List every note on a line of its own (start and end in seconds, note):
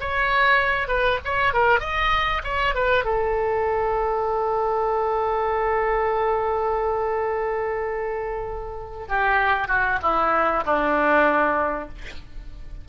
0.00 0.88 C#5
0.88 1.19 B4
1.25 1.54 C#5
1.54 1.80 A#4
1.80 2.42 D#5
2.44 2.75 C#5
2.75 3.04 B4
3.04 9.08 A4
9.08 9.68 G4
9.68 9.99 F#4
10.02 10.64 E4
10.65 11.88 D4